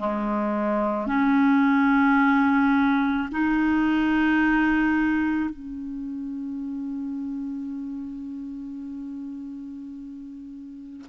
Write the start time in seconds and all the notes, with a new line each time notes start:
0.00 G#3
1.07 C#4
3.32 D#4
5.50 C#4